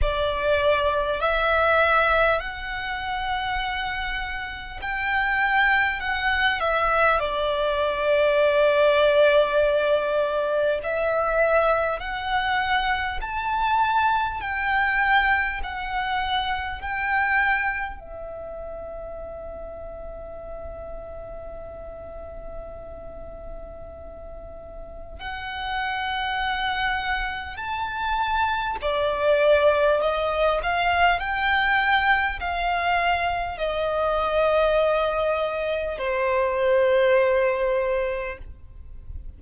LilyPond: \new Staff \with { instrumentName = "violin" } { \time 4/4 \tempo 4 = 50 d''4 e''4 fis''2 | g''4 fis''8 e''8 d''2~ | d''4 e''4 fis''4 a''4 | g''4 fis''4 g''4 e''4~ |
e''1~ | e''4 fis''2 a''4 | d''4 dis''8 f''8 g''4 f''4 | dis''2 c''2 | }